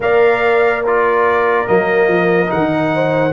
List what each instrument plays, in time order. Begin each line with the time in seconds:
0.00 tuba A#3, trombone A#4, horn D5, trumpet F5
0.83 trombone F4, horn A#4, trumpet D5
1.66 tuba F#3, trombone A#3, trumpet D#5
2.07 tuba F3
2.46 trombone D#4, trumpet F#5
2.52 tuba D#3
2.94 horn C5